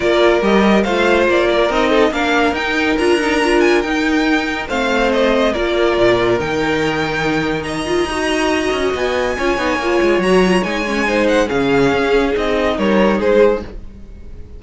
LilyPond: <<
  \new Staff \with { instrumentName = "violin" } { \time 4/4 \tempo 4 = 141 d''4 dis''4 f''4 d''4 | dis''4 f''4 g''4 ais''4~ | ais''8 gis''8 g''2 f''4 | dis''4 d''2 g''4~ |
g''2 ais''2~ | ais''4 gis''2. | ais''4 gis''4. fis''8 f''4~ | f''4 dis''4 cis''4 c''4 | }
  \new Staff \with { instrumentName = "violin" } { \time 4/4 ais'2 c''4. ais'8~ | ais'8 a'8 ais'2.~ | ais'2. c''4~ | c''4 ais'2.~ |
ais'2 dis''2~ | dis''2 cis''2~ | cis''2 c''4 gis'4~ | gis'2 ais'4 gis'4 | }
  \new Staff \with { instrumentName = "viola" } { \time 4/4 f'4 g'4 f'2 | dis'4 d'4 dis'4 f'8 dis'8 | f'4 dis'2 c'4~ | c'4 f'2 dis'4~ |
dis'2~ dis'8 f'8 fis'4~ | fis'2 f'8 dis'8 f'4 | fis'8 f'8 dis'8 cis'8 dis'4 cis'4~ | cis'4 dis'2. | }
  \new Staff \with { instrumentName = "cello" } { \time 4/4 ais4 g4 a4 ais4 | c'4 ais4 dis'4 d'4~ | d'4 dis'2 a4~ | a4 ais4 ais,4 dis4~ |
dis2. dis'4~ | dis'8 cis'8 b4 cis'8 b8 ais8 gis8 | fis4 gis2 cis4 | cis'4 c'4 g4 gis4 | }
>>